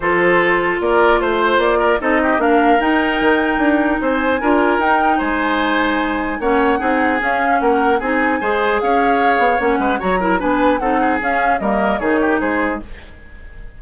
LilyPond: <<
  \new Staff \with { instrumentName = "flute" } { \time 4/4 \tempo 4 = 150 c''2 d''4 c''4 | d''4 dis''4 f''4 g''4~ | g''2 gis''2 | g''4 gis''2. |
fis''2 f''4 fis''4 | gis''2 f''2 | fis''4 ais''4 gis''4 fis''4 | f''4 dis''4 cis''4 c''4 | }
  \new Staff \with { instrumentName = "oboe" } { \time 4/4 a'2 ais'4 c''4~ | c''8 ais'8 a'8 g'8 ais'2~ | ais'2 c''4 ais'4~ | ais'4 c''2. |
cis''4 gis'2 ais'4 | gis'4 c''4 cis''2~ | cis''8 b'8 cis''8 ais'8 b'4 a'8 gis'8~ | gis'4 ais'4 gis'8 g'8 gis'4 | }
  \new Staff \with { instrumentName = "clarinet" } { \time 4/4 f'1~ | f'4 dis'4 d'4 dis'4~ | dis'2. f'4 | dis'1 |
cis'4 dis'4 cis'2 | dis'4 gis'2. | cis'4 fis'8 e'8 d'4 dis'4 | cis'4 ais4 dis'2 | }
  \new Staff \with { instrumentName = "bassoon" } { \time 4/4 f2 ais4 a4 | ais4 c'4 ais4 dis'4 | dis4 d'4 c'4 d'4 | dis'4 gis2. |
ais4 c'4 cis'4 ais4 | c'4 gis4 cis'4. b8 | ais8 gis8 fis4 b4 c'4 | cis'4 g4 dis4 gis4 | }
>>